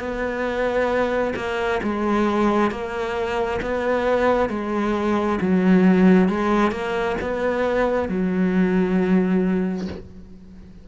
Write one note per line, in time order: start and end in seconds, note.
0.00 1.34 B3
1.36 1.81 A#3
1.84 2.71 G#3
2.71 3.61 A#3
3.62 4.50 B3
4.50 5.40 G#3
5.41 6.29 F#3
6.29 6.72 G#3
6.72 7.16 A#3
7.21 8.09 B3
8.09 9.88 F#3